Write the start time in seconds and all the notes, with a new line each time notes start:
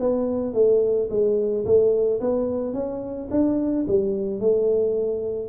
0.00 B3
0.54 A3
1.10 G#3
1.65 A3
2.21 B3
2.74 C#4
3.31 D4
3.88 G3
4.40 A3